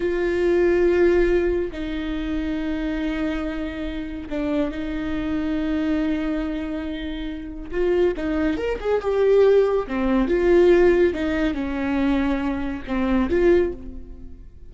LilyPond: \new Staff \with { instrumentName = "viola" } { \time 4/4 \tempo 4 = 140 f'1 | dis'1~ | dis'2 d'4 dis'4~ | dis'1~ |
dis'2 f'4 dis'4 | ais'8 gis'8 g'2 c'4 | f'2 dis'4 cis'4~ | cis'2 c'4 f'4 | }